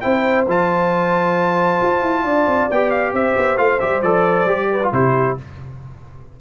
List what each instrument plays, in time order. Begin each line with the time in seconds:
0.00 tuba C4, trombone E4, horn C5, trumpet G5
0.47 tuba F3, trombone F4, trumpet A5
1.82 tuba F4
2.02 tuba E4
2.24 tuba D4, horn D5
2.46 tuba C4
2.70 tuba B3, trombone G4, trumpet G5
2.90 trumpet F5
3.13 tuba C4, horn C5, trumpet E5
3.36 tuba B3
3.57 tuba A3, trombone F4, trumpet F5
3.79 tuba G3, trombone G4, trumpet E5
4.02 tuba F3, trombone A4, trumpet D5
4.45 tuba G3, trombone G4
4.71 horn B4
4.82 trombone F4
4.92 tuba C3, trombone E4, horn G4, trumpet C5